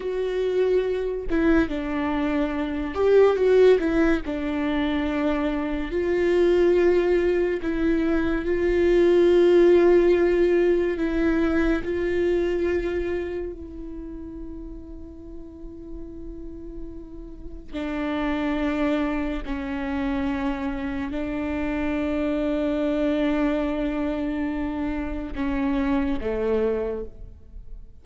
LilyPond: \new Staff \with { instrumentName = "viola" } { \time 4/4 \tempo 4 = 71 fis'4. e'8 d'4. g'8 | fis'8 e'8 d'2 f'4~ | f'4 e'4 f'2~ | f'4 e'4 f'2 |
e'1~ | e'4 d'2 cis'4~ | cis'4 d'2.~ | d'2 cis'4 a4 | }